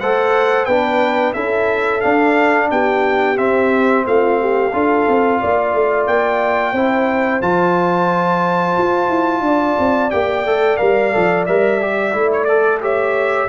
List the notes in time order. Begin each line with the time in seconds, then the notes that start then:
0.00 A3 A4 C5 F#5
0.66 B3 D4 B4 G5
1.34 C#4 E4 A4 E5
2.01 D4 F5
2.71 B3 G4 G5
3.37 C4 E5
4.06 A3 F4 F5
4.41 G4
4.73 D4 F4 A4
5.08 C4
5.41 A#3 D5
5.74 A3
6.07 A#3 G5
6.73 C4 E4 C5
7.41 F3 F4 A5
8.79 F4
9.09 E4
9.41 D4 D5
9.79 C4
10.11 A#3 G4 G5
10.45 A3 A4
10.77 G3 A#4 F5
11.13 F3 A4
11.46 G3 A#4 E5
11.81 G4
12.13 A3 E4
12.33 C#5
12.45 A4 D5
12.81 G4 C#5 E5